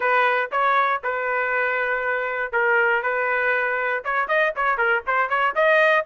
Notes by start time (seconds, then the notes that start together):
0.00 B4
0.51 C#5
1.03 B4
2.52 A#4
3.03 B4
4.04 C#5
4.28 D#5
4.56 C#5
4.77 A#4
5.06 C5
5.29 C#5
5.55 D#5